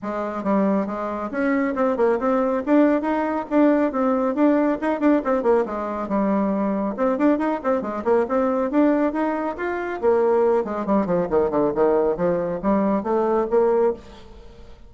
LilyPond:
\new Staff \with { instrumentName = "bassoon" } { \time 4/4 \tempo 4 = 138 gis4 g4 gis4 cis'4 | c'8 ais8 c'4 d'4 dis'4 | d'4 c'4 d'4 dis'8 d'8 | c'8 ais8 gis4 g2 |
c'8 d'8 dis'8 c'8 gis8 ais8 c'4 | d'4 dis'4 f'4 ais4~ | ais8 gis8 g8 f8 dis8 d8 dis4 | f4 g4 a4 ais4 | }